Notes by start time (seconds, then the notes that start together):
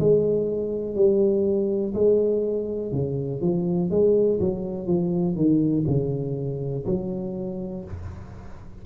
0.00 G#3
0.96 G3
1.94 G#3
2.92 C#3
3.42 F3
3.91 G#3
4.40 F#3
4.87 F3
5.36 D#3
5.87 C#3
6.86 F#3